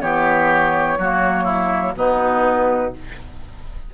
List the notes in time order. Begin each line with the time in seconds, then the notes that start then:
0.00 E3 B3 G4 C#5
0.98 F#3 A#3 F#4
1.44 E4
1.95 B2 B3 D#4 B4